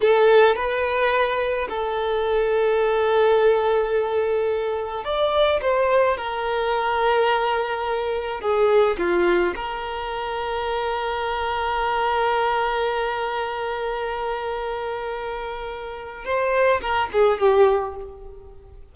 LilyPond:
\new Staff \with { instrumentName = "violin" } { \time 4/4 \tempo 4 = 107 a'4 b'2 a'4~ | a'1~ | a'4 d''4 c''4 ais'4~ | ais'2. gis'4 |
f'4 ais'2.~ | ais'1~ | ais'1~ | ais'4 c''4 ais'8 gis'8 g'4 | }